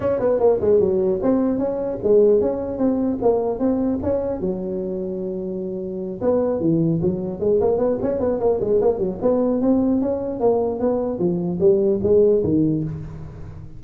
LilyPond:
\new Staff \with { instrumentName = "tuba" } { \time 4/4 \tempo 4 = 150 cis'8 b8 ais8 gis8 fis4 c'4 | cis'4 gis4 cis'4 c'4 | ais4 c'4 cis'4 fis4~ | fis2.~ fis8 b8~ |
b8 e4 fis4 gis8 ais8 b8 | cis'8 b8 ais8 gis8 ais8 fis8 b4 | c'4 cis'4 ais4 b4 | f4 g4 gis4 dis4 | }